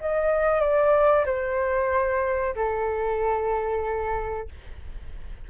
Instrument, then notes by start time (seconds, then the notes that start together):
flute
0.00 D#5
0.60 D5
1.26 C5
2.55 A4